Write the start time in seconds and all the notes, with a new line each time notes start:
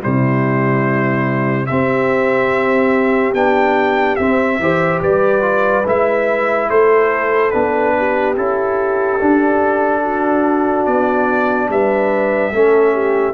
0.00 C3 G3 E4 C5
1.66 C4 G4 E5
3.34 B3 D4 G5
4.16 C4 E5
4.60 E3 G4 C5
5.02 G3 B4 D5
5.42 F4
5.87 G#3 E4 E5
6.70 A3 A4 C5
7.51 B3 D4 B4
7.98 G4
8.36 C#4 E4 A4
9.20 D4
10.03 F#4
10.86 B3 D5
11.69 G3 B4 E5
12.52 A3 C#4 A4
12.93 G4